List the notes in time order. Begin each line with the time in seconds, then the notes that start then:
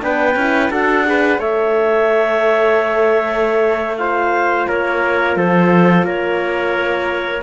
0.00 B3 D4 B4 G5
0.35 C#4 E4
0.70 D4 F#4 A4 F#5
1.05 G#4 B4
1.38 A3 A4 C#5 E5
3.97 F4 C5 F5
4.68 A#3 A#4 C#5
5.36 F3 A4 C5
6.03 A#3 A#4 C#5